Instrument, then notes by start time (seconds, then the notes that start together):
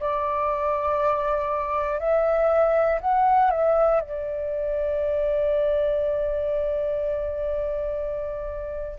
flute
0.00 D5
2.00 E5
3.00 F#5
3.51 E5
4.01 D5